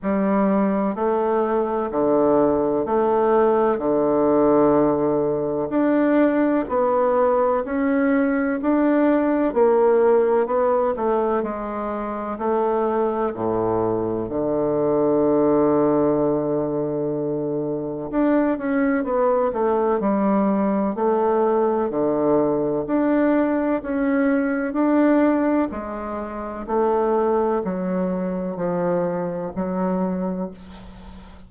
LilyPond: \new Staff \with { instrumentName = "bassoon" } { \time 4/4 \tempo 4 = 63 g4 a4 d4 a4 | d2 d'4 b4 | cis'4 d'4 ais4 b8 a8 | gis4 a4 a,4 d4~ |
d2. d'8 cis'8 | b8 a8 g4 a4 d4 | d'4 cis'4 d'4 gis4 | a4 fis4 f4 fis4 | }